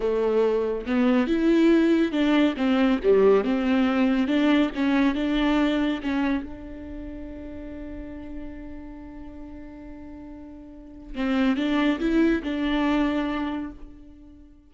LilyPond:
\new Staff \with { instrumentName = "viola" } { \time 4/4 \tempo 4 = 140 a2 b4 e'4~ | e'4 d'4 c'4 g4 | c'2 d'4 cis'4 | d'2 cis'4 d'4~ |
d'1~ | d'1~ | d'2 c'4 d'4 | e'4 d'2. | }